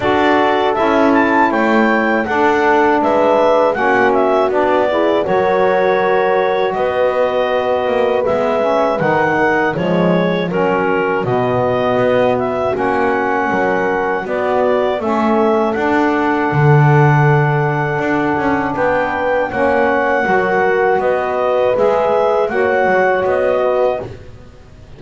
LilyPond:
<<
  \new Staff \with { instrumentName = "clarinet" } { \time 4/4 \tempo 4 = 80 d''4 e''8 a''8 g''4 fis''4 | e''4 fis''8 e''8 d''4 cis''4~ | cis''4 dis''2 e''4 | fis''4 cis''4 ais'4 dis''4~ |
dis''8 e''8 fis''2 d''4 | e''4 fis''2.~ | fis''4 g''4 fis''2 | dis''4 e''4 fis''4 dis''4 | }
  \new Staff \with { instrumentName = "horn" } { \time 4/4 a'2 cis''4 a'4 | b'4 fis'4. gis'8 ais'4~ | ais'4 b'2.~ | b'8 ais'8 gis'4 fis'2~ |
fis'2 ais'4 fis'4 | a'1~ | a'4 b'4 cis''4 ais'4 | b'2 cis''4. b'8 | }
  \new Staff \with { instrumentName = "saxophone" } { \time 4/4 fis'4 e'2 d'4~ | d'4 cis'4 d'8 e'8 fis'4~ | fis'2. b8 cis'8 | dis'4 gis4 cis'4 b4~ |
b4 cis'2 b4 | cis'4 d'2.~ | d'2 cis'4 fis'4~ | fis'4 gis'4 fis'2 | }
  \new Staff \with { instrumentName = "double bass" } { \time 4/4 d'4 cis'4 a4 d'4 | gis4 ais4 b4 fis4~ | fis4 b4. ais8 gis4 | dis4 f4 fis4 b,4 |
b4 ais4 fis4 b4 | a4 d'4 d2 | d'8 cis'8 b4 ais4 fis4 | b4 gis4 ais8 fis8 b4 | }
>>